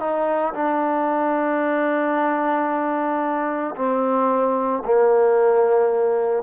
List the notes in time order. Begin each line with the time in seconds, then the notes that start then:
0.00 D#4
0.54 D4
3.76 C4
4.86 A#3